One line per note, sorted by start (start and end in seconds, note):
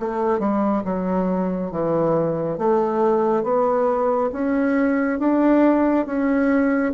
0.00 0.40 A3
0.40 0.83 G3
0.85 1.72 F#3
1.72 2.58 E3
2.58 3.44 A3
3.44 4.31 B3
4.33 5.19 C#4
5.19 6.06 D4
6.06 6.93 C#4